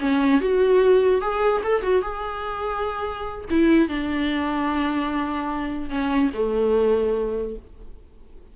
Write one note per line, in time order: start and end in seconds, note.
0.00 0.41 C#4
0.41 1.21 F#4
1.21 1.62 G#4
1.64 1.82 A4
1.82 2.02 F#4
2.02 3.45 G#4
3.50 3.88 E4
3.88 5.89 D4
5.89 6.30 C#4
6.33 7.56 A3